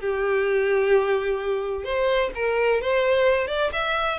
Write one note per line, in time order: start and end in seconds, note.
0.00 1.84 G4
1.84 2.30 C5
2.35 2.81 A#4
2.81 3.47 C5
3.47 3.70 D5
3.72 4.18 E5